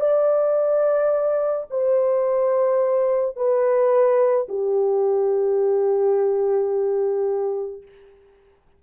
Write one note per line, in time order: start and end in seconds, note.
0.00 1.67 D5
1.70 3.36 C5
3.36 4.47 B4
4.48 7.82 G4